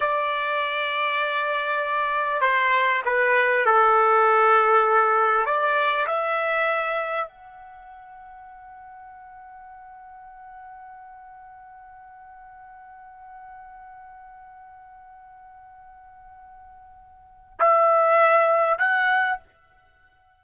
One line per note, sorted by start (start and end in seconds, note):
0.00 2.41 D5
2.41 3.01 C5
3.05 3.65 B4
3.65 5.45 A4
5.45 6.06 D5
6.06 7.28 E5
7.28 17.58 F#5
17.59 18.78 E5
18.78 19.39 F#5